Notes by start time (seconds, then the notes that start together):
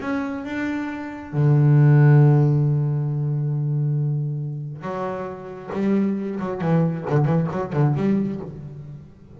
0.00 C#4
0.44 D4
1.33 D3
4.81 F#3
5.73 G3
6.39 F#3
6.61 E3
7.09 D3
7.25 E3
7.51 F#3
7.73 D3
7.96 G3